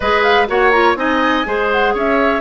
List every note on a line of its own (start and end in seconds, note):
0.00 0.48 G#3
0.00 0.47 G#4
0.00 0.47 B4
0.00 0.23 D#5
0.23 0.47 F5
0.47 0.95 A#3
0.47 0.71 F#4
0.47 0.98 C#5
0.47 0.71 F#5
0.71 0.96 F4
0.71 0.95 A#5
0.95 1.44 C4
0.95 1.44 D#4
0.95 1.46 D#5
0.95 1.69 G#5
1.45 1.94 G#3
1.45 2.41 G#4
1.45 1.94 C5
1.71 1.95 F#5
1.94 2.41 C#4
1.94 2.41 C#5
1.94 2.41 E5